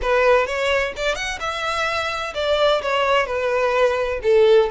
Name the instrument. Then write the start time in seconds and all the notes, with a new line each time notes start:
violin
0.01 B4
0.46 C#5
0.96 D5
1.15 F#5
1.40 E5
2.34 D5
2.82 C#5
3.26 B4
4.22 A4